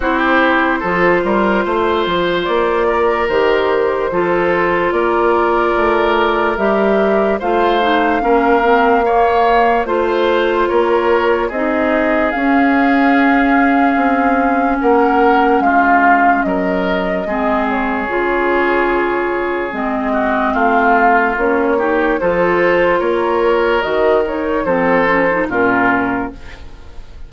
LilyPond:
<<
  \new Staff \with { instrumentName = "flute" } { \time 4/4 \tempo 4 = 73 c''2. d''4 | c''2 d''2 | e''4 f''2. | c''4 cis''4 dis''4 f''4~ |
f''2 fis''4 f''4 | dis''4. cis''2~ cis''8 | dis''4 f''4 cis''4 c''4 | cis''4 dis''8 cis''8 c''4 ais'4 | }
  \new Staff \with { instrumentName = "oboe" } { \time 4/4 g'4 a'8 ais'8 c''4. ais'8~ | ais'4 a'4 ais'2~ | ais'4 c''4 ais'4 cis''4 | c''4 ais'4 gis'2~ |
gis'2 ais'4 f'4 | ais'4 gis'2.~ | gis'8 fis'8 f'4. g'8 a'4 | ais'2 a'4 f'4 | }
  \new Staff \with { instrumentName = "clarinet" } { \time 4/4 e'4 f'2. | g'4 f'2. | g'4 f'8 dis'8 cis'8 c'8 ais4 | f'2 dis'4 cis'4~ |
cis'1~ | cis'4 c'4 f'2 | c'2 cis'8 dis'8 f'4~ | f'4 fis'8 dis'8 c'8 cis'16 dis'16 cis'4 | }
  \new Staff \with { instrumentName = "bassoon" } { \time 4/4 c'4 f8 g8 a8 f8 ais4 | dis4 f4 ais4 a4 | g4 a4 ais2 | a4 ais4 c'4 cis'4~ |
cis'4 c'4 ais4 gis4 | fis4 gis4 cis2 | gis4 a4 ais4 f4 | ais4 dis4 f4 ais,4 | }
>>